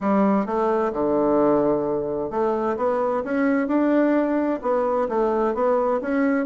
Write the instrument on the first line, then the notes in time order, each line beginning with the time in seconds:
bassoon
0.01 G3
0.46 A3
0.93 D3
2.30 A3
2.77 B3
3.24 C#4
3.67 D4
4.62 B3
5.08 A3
5.54 B3
6.01 C#4